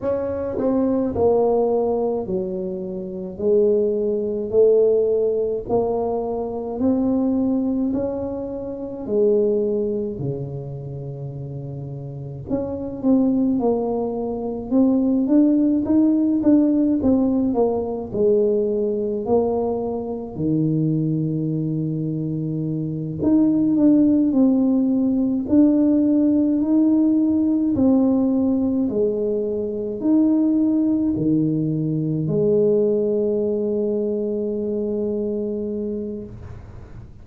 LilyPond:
\new Staff \with { instrumentName = "tuba" } { \time 4/4 \tempo 4 = 53 cis'8 c'8 ais4 fis4 gis4 | a4 ais4 c'4 cis'4 | gis4 cis2 cis'8 c'8 | ais4 c'8 d'8 dis'8 d'8 c'8 ais8 |
gis4 ais4 dis2~ | dis8 dis'8 d'8 c'4 d'4 dis'8~ | dis'8 c'4 gis4 dis'4 dis8~ | dis8 gis2.~ gis8 | }